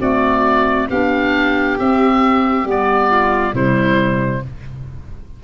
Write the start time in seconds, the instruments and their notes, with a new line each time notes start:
0.00 clarinet A3, tuba C4, violin F#4, oboe D5
0.89 tuba B3, clarinet D4, violin G4, oboe F5
1.79 clarinet C4, tuba C4, oboe E5
2.64 tuba G3, clarinet B3
2.70 oboe D5
3.10 violin F4
3.53 tuba C3, clarinet G3, violin E4, oboe C5